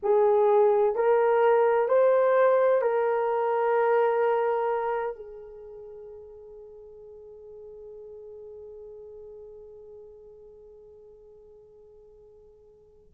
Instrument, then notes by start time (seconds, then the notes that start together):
horn
0.03 G#4
0.95 A#4
1.88 C5
2.81 A#4
5.15 G#4